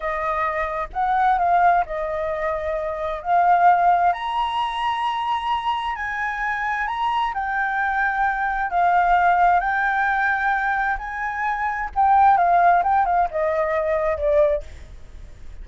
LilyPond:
\new Staff \with { instrumentName = "flute" } { \time 4/4 \tempo 4 = 131 dis''2 fis''4 f''4 | dis''2. f''4~ | f''4 ais''2.~ | ais''4 gis''2 ais''4 |
g''2. f''4~ | f''4 g''2. | gis''2 g''4 f''4 | g''8 f''8 dis''2 d''4 | }